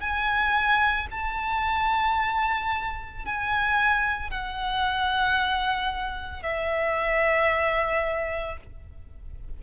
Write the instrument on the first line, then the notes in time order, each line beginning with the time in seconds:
violin
0.00 G#5
1.11 A5
3.25 G#5
4.31 F#5
6.42 E5